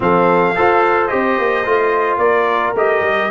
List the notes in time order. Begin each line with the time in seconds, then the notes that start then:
0.00 F3 C4 A4 F5
0.54 F4 A4 C5
1.07 C4 G4 D#5
1.38 A#3
1.65 A3 F4
2.17 A#3 A#4 D5
2.74 A3 G4 D#5
3.00 G3